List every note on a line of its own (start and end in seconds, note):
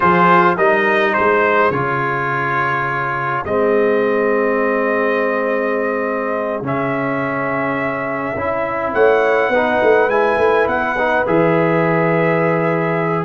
0.00 0.57 F3
0.00 0.57 F4
0.00 0.56 G#4
0.00 0.56 C5
0.56 1.15 G3
0.56 1.72 D#4
0.56 1.14 A#4
0.56 1.13 D#5
1.13 1.70 G#3
1.13 8.93 G#4
1.13 1.71 C5
1.70 3.43 C#3
1.70 3.46 F4
1.70 3.44 C#5
3.44 6.61 G#3
3.44 6.63 C4
3.44 6.62 D#5
6.61 8.34 C#3
6.61 8.36 C#4
6.61 8.94 E5
8.35 8.93 C#4
8.35 9.53 E4
8.93 9.49 A3
8.93 9.50 C#5
8.93 10.09 F#5
9.49 9.78 B3
9.49 10.10 D#4
9.49 13.25 B4
9.82 10.07 A3
10.07 10.36 G#3
10.07 10.96 E4
10.07 10.67 G#5
10.37 10.66 A3
10.66 11.24 B3
10.66 11.25 F#5
10.98 11.26 D#4
11.26 13.25 E3
11.26 13.25 G#4
11.26 13.25 E5